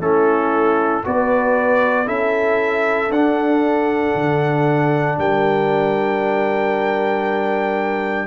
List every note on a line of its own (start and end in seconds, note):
0.00 1.03 A3
0.00 1.05 C#4
0.00 1.05 E4
0.00 1.05 A4
1.05 2.08 B3
1.05 2.06 F#4
1.05 2.07 B4
1.05 2.08 D5
2.06 3.11 C#4
2.06 3.10 E4
2.06 5.17 A4
2.06 3.12 E5
3.11 4.14 D4
3.11 8.27 D4
3.11 5.19 F#5
4.15 5.19 D3
5.19 8.27 G3
5.19 8.27 A#4
5.19 8.27 G5